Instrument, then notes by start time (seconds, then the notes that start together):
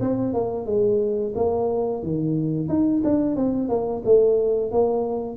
tuba
0.00 C4
0.33 A#3
0.66 G#3
1.35 A#3
2.02 D#3
2.68 D#4
3.04 D4
3.36 C4
3.68 A#3
4.04 A3
4.71 A#3